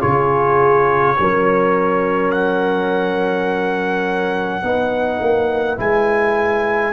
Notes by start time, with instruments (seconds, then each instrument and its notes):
0.00 tuba C#3, trombone F4, horn G#4, trumpet C#5
1.17 tuba F#3, trombone C#4, horn A#4
2.31 trumpet F#5
4.62 tuba B3, trombone D#4, horn B4
5.20 tuba A#3
5.77 tuba G#3, trombone E4, trumpet G#5